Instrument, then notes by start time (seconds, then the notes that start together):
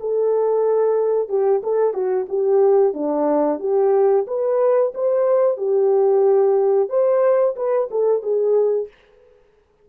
horn
0.00 A4
1.29 G4
1.63 A4
1.94 F#4
2.29 G4
2.94 D4
3.60 G4
4.27 B4
4.95 C5
5.57 G4
6.89 C5
7.56 B4
7.91 A4
8.22 G#4